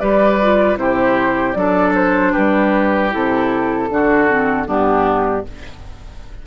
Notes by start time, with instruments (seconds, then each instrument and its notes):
0.00 bassoon G3, clarinet G4, oboe B4, flute D5
0.43 clarinet F4
0.77 bassoon C3, clarinet E4, oboe G4, flute C5
1.54 bassoon F#3, clarinet D4, oboe A4, flute D5
1.95 flute C5
2.33 bassoon G3, oboe G4, flute B4
3.11 bassoon C3, clarinet E4, flute A4
3.90 bassoon D3, clarinet D4, oboe F#4
4.29 clarinet C4
4.66 bassoon G2, clarinet B3, oboe D4, flute G4